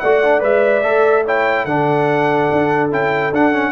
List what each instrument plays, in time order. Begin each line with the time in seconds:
0.00 tuba A3, trombone F#4, horn D5, trumpet F#5
0.24 trombone D4
0.40 tuba G#3, trombone B4, trumpet E5
0.83 tuba A3, trombone A4
1.25 trombone E4, horn C#5, trumpet G5
1.65 tuba D3, trombone D4, horn A4, trumpet F#5
2.52 tuba D4
2.91 tuba C#4, trombone E4, trumpet G5
3.32 tuba D4, trombone D4, trumpet F#5
3.52 trombone C#4